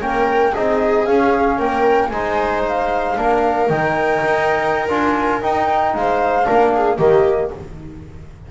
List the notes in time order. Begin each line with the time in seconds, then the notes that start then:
0.00 A#3 C#4 A#4 G5
0.52 C4 D#4 G#4 D#5
1.06 C#4 F5
1.58 A#3 A#4 G5
2.08 G#3 D#4 C5 G#5
2.68 F5
3.16 A#3 D4 A#4
3.69 D#3 D#4 G5
4.24 D#4
4.89 D4 F4 G#5
5.42 D#4 G5
5.94 G#3 C5 F5
6.44 D4 A#4
6.50 A#3
6.74 G#4
6.98 D#3 A#3 G4 D#5